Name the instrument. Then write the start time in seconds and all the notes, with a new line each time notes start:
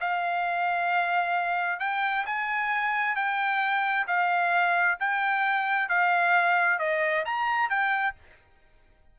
trumpet
0.00 F5
1.79 G5
2.26 G#5
3.15 G5
4.07 F5
4.99 G5
5.88 F5
6.78 D#5
7.25 A#5
7.69 G5